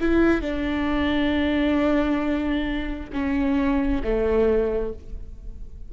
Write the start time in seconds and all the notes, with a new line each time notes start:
0.00 E4
0.41 D4
3.13 C#4
4.03 A3